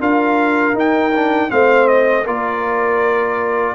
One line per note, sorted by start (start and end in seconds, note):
0.00 0.73 D4
0.00 0.74 F4
0.00 1.50 A#4
0.00 0.76 F5
0.73 1.48 D#4
0.73 1.12 D#4
0.73 1.50 G5
1.15 1.49 D4
1.49 2.26 A3
1.49 2.24 C4
1.49 2.23 C5
1.49 1.88 F5
1.88 2.25 D#5
2.23 3.75 A#3
2.23 3.75 F4
2.23 3.73 A#4
2.23 3.75 D5